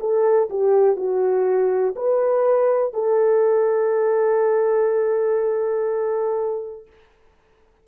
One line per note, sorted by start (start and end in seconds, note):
0.00 0.49 A4
0.50 0.97 G4
0.97 1.95 F#4
1.96 2.94 B4
2.94 6.87 A4